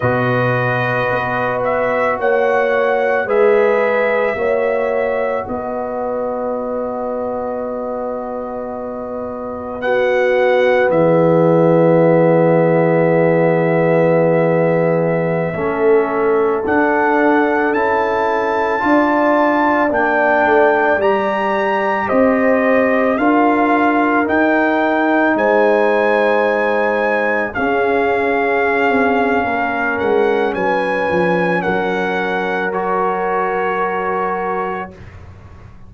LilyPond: <<
  \new Staff \with { instrumentName = "trumpet" } { \time 4/4 \tempo 4 = 55 dis''4. e''8 fis''4 e''4~ | e''4 dis''2.~ | dis''4 fis''4 e''2~ | e''2.~ e''16 fis''8.~ |
fis''16 a''2 g''4 ais''8.~ | ais''16 dis''4 f''4 g''4 gis''8.~ | gis''4~ gis''16 f''2~ f''16 fis''8 | gis''4 fis''4 cis''2 | }
  \new Staff \with { instrumentName = "horn" } { \time 4/4 b'2 cis''4 b'4 | cis''4 b'2.~ | b'4 fis'4 gis'2~ | gis'2~ gis'16 a'4.~ a'16~ |
a'4~ a'16 d''2~ d''8.~ | d''16 c''4 ais'2 c''8.~ | c''4~ c''16 gis'4.~ gis'16 ais'4 | b'4 ais'2. | }
  \new Staff \with { instrumentName = "trombone" } { \time 4/4 fis'2. gis'4 | fis'1~ | fis'4 b2.~ | b2~ b16 cis'4 d'8.~ |
d'16 e'4 f'4 d'4 g'8.~ | g'4~ g'16 f'4 dis'4.~ dis'16~ | dis'4~ dis'16 cis'2~ cis'8.~ | cis'2 fis'2 | }
  \new Staff \with { instrumentName = "tuba" } { \time 4/4 b,4 b4 ais4 gis4 | ais4 b2.~ | b2 e2~ | e2~ e16 a4 d'8.~ |
d'16 cis'4 d'4 ais8 a8 g8.~ | g16 c'4 d'4 dis'4 gis8.~ | gis4~ gis16 cis'4~ cis'16 c'8 ais8 gis8 | fis8 f8 fis2. | }
>>